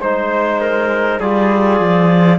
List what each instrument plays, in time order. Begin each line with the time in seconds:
0.00 cello G#3, trombone D#4, clarinet C5, trumpet C5
0.61 trumpet A#4
1.20 cello G3, trombone F4, trumpet G#4, clarinet D5
1.80 cello F3